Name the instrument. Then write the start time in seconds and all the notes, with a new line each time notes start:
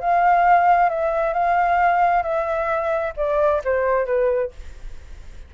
flute
0.00 F5
0.89 E5
1.33 F5
2.22 E5
3.16 D5
3.64 C5
4.06 B4